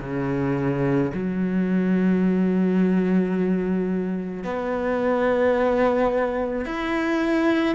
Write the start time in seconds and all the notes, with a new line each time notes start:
0.00 C#3
1.14 F#3
4.43 B3
6.65 E4